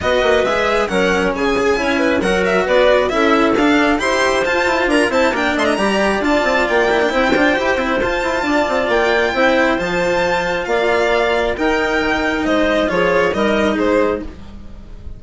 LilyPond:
<<
  \new Staff \with { instrumentName = "violin" } { \time 4/4 \tempo 4 = 135 dis''4 e''4 fis''4 gis''4~ | gis''4 fis''8 e''8 d''4 e''4 | f''4 c'''4 a''4 ais''8 a''8 | g''8 c'''16 ais''4~ ais''16 a''4 g''4~ |
g''2 a''2 | g''2 a''2 | f''2 g''2 | dis''4 cis''4 dis''4 c''4 | }
  \new Staff \with { instrumentName = "clarinet" } { \time 4/4 b'2 ais'4 gis'4 | cis''8 b'8 ais'4 b'4 a'4~ | a'4 c''2 ais'8 c''8 | ais'8 dis''8 d''2. |
c''2. d''4~ | d''4 c''2. | d''2 ais'2 | c''4 gis'4 ais'4 gis'4 | }
  \new Staff \with { instrumentName = "cello" } { \time 4/4 fis'4 gis'4 cis'4. gis'8 | e'4 fis'2 e'4 | d'4 g'4 f'4. e'8 | d'4 g'4 f'4. e'16 d'16 |
e'8 f'8 g'8 e'8 f'2~ | f'4 e'4 f'2~ | f'2 dis'2~ | dis'4 f'4 dis'2 | }
  \new Staff \with { instrumentName = "bassoon" } { \time 4/4 b8 ais8 gis4 fis4 cis4 | cis'4 fis4 b4 cis'4 | d'4 e'4 f'8 e'8 d'8 c'8 | ais8 a8 g4 d'8 c'8 ais4 |
c'8 d'8 e'8 c'8 f'8 e'8 d'8 c'8 | ais4 c'4 f2 | ais2 dis'4 dis4 | gis4 f4 g4 gis4 | }
>>